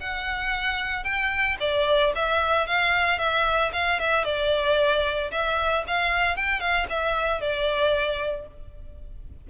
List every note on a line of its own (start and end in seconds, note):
0.00 1.04 F#5
1.04 1.57 G5
1.60 2.13 D5
2.15 2.67 E5
2.67 3.18 F5
3.18 3.71 E5
3.73 3.99 F5
3.99 4.24 E5
4.24 5.30 D5
5.31 5.84 E5
5.87 6.36 F5
6.36 6.60 G5
6.60 6.86 F5
6.89 7.41 E5
7.41 8.47 D5